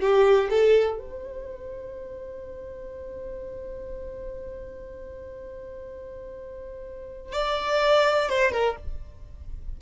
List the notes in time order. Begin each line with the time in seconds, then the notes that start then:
0.00 G4
0.49 A4
0.98 C5
7.32 D5
8.29 C5
8.51 A#4